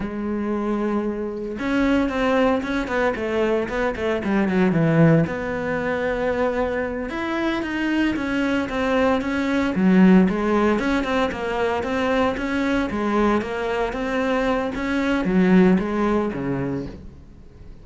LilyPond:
\new Staff \with { instrumentName = "cello" } { \time 4/4 \tempo 4 = 114 gis2. cis'4 | c'4 cis'8 b8 a4 b8 a8 | g8 fis8 e4 b2~ | b4. e'4 dis'4 cis'8~ |
cis'8 c'4 cis'4 fis4 gis8~ | gis8 cis'8 c'8 ais4 c'4 cis'8~ | cis'8 gis4 ais4 c'4. | cis'4 fis4 gis4 cis4 | }